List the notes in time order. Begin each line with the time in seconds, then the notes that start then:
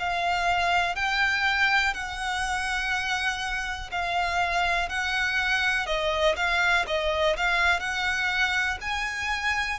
0.00 F5
0.96 G5
1.94 F#5
3.92 F5
4.90 F#5
5.87 D#5
6.37 F5
6.88 D#5
7.37 F5
7.80 F#5
8.81 G#5